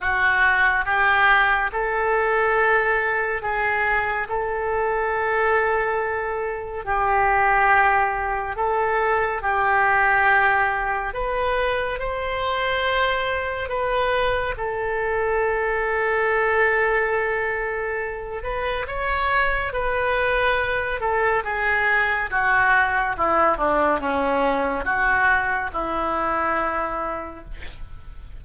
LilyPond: \new Staff \with { instrumentName = "oboe" } { \time 4/4 \tempo 4 = 70 fis'4 g'4 a'2 | gis'4 a'2. | g'2 a'4 g'4~ | g'4 b'4 c''2 |
b'4 a'2.~ | a'4. b'8 cis''4 b'4~ | b'8 a'8 gis'4 fis'4 e'8 d'8 | cis'4 fis'4 e'2 | }